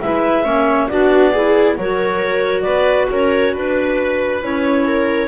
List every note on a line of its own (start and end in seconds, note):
0.00 0.44 G#3
0.00 0.44 E4
0.00 0.44 B4
0.00 0.88 E5
0.44 0.89 A#3
0.44 0.88 C#4
0.44 0.88 C#5
0.88 1.77 B3
0.88 1.33 D4
0.88 1.31 F#4
0.88 1.76 D5
1.31 1.78 E4
1.31 1.75 G#4
1.77 2.65 F#3
1.77 4.42 F#4
1.77 2.64 A#4
1.77 2.61 C#5
2.61 3.10 B3
2.61 3.08 B4
2.61 3.05 D5
3.10 3.54 C#4
3.10 3.53 A#4
3.10 3.55 C#5
3.53 4.42 D4
3.53 4.85 B4
3.53 4.43 B4
4.42 5.28 C#4
4.42 5.28 E4
4.42 5.28 C#5
4.86 5.28 A#4